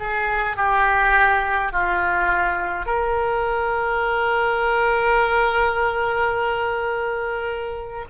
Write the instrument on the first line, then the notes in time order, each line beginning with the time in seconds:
oboe
0.00 G#4
0.57 G4
1.73 F4
2.86 A#4